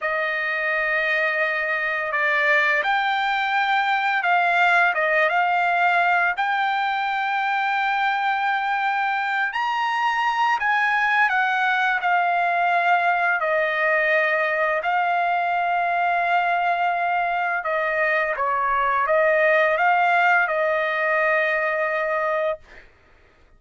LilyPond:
\new Staff \with { instrumentName = "trumpet" } { \time 4/4 \tempo 4 = 85 dis''2. d''4 | g''2 f''4 dis''8 f''8~ | f''4 g''2.~ | g''4. ais''4. gis''4 |
fis''4 f''2 dis''4~ | dis''4 f''2.~ | f''4 dis''4 cis''4 dis''4 | f''4 dis''2. | }